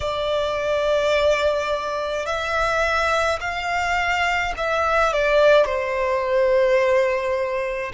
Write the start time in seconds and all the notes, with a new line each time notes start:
0.00 D5
2.26 E5
3.40 F5
4.56 E5
5.13 D5
5.66 C5